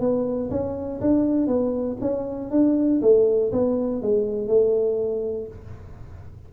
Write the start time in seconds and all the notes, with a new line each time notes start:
0.00 B3
0.50 C#4
1.01 D4
1.47 B3
2.00 C#4
2.50 D4
3.01 A3
3.52 B3
4.02 G#3
4.47 A3